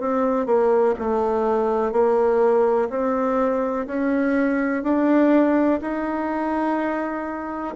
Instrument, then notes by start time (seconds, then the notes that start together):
bassoon
0.00 C4
0.46 A#3
0.99 A3
1.92 A#3
2.89 C4
3.87 C#4
4.83 D4
5.81 D#4